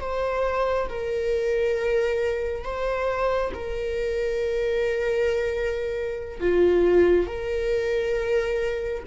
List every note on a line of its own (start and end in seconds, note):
0.00 0.88 C5
0.88 2.64 A#4
2.64 3.52 C5
3.53 6.40 A#4
6.40 7.27 F4
7.27 9.03 A#4